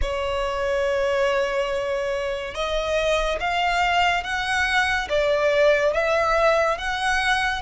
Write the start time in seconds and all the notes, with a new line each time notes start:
0.01 C#5
2.54 D#5
3.40 F5
4.23 F#5
5.09 D5
5.93 E5
6.78 F#5